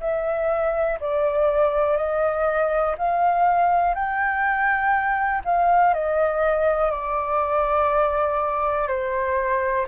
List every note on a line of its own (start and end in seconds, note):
0.00 0.98 E5
1.00 1.97 D5
1.97 2.95 D#5
2.97 3.94 F5
3.94 5.42 G5
5.44 5.93 F5
5.93 6.91 D#5
6.91 8.87 D5
8.87 9.86 C5